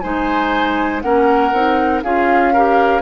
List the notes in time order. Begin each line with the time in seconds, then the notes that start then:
0.00 G#3 D#4 C5 G#5
1.01 A#3 C#4 A#4 F#5
1.52 C4 D#4
2.03 C#4 F4 G#4 F5
2.53 G4 A#4